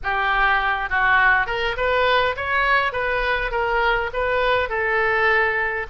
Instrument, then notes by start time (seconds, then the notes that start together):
oboe
0.03 G4
0.89 F#4
1.46 A#4
1.76 B4
2.36 C#5
2.92 B4
3.51 A#4
4.13 B4
4.69 A4